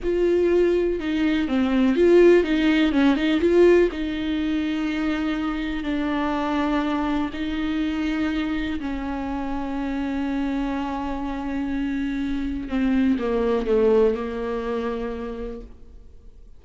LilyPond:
\new Staff \with { instrumentName = "viola" } { \time 4/4 \tempo 4 = 123 f'2 dis'4 c'4 | f'4 dis'4 cis'8 dis'8 f'4 | dis'1 | d'2. dis'4~ |
dis'2 cis'2~ | cis'1~ | cis'2 c'4 ais4 | a4 ais2. | }